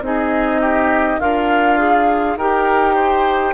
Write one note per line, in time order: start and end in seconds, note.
0.00 1.18 C4
0.00 1.20 D#4
0.00 0.61 G#4
0.00 1.19 D#5
0.61 1.19 G4
1.19 2.36 D4
1.19 2.37 F4
1.19 1.78 A#4
1.19 2.37 F5
1.78 2.37 G#4
2.36 3.53 D#4
2.36 3.53 G4
2.36 2.94 A#4
2.36 3.53 G5
2.94 3.53 C5